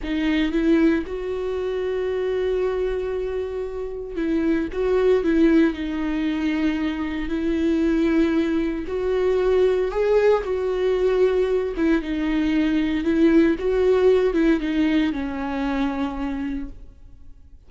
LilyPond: \new Staff \with { instrumentName = "viola" } { \time 4/4 \tempo 4 = 115 dis'4 e'4 fis'2~ | fis'1 | e'4 fis'4 e'4 dis'4~ | dis'2 e'2~ |
e'4 fis'2 gis'4 | fis'2~ fis'8 e'8 dis'4~ | dis'4 e'4 fis'4. e'8 | dis'4 cis'2. | }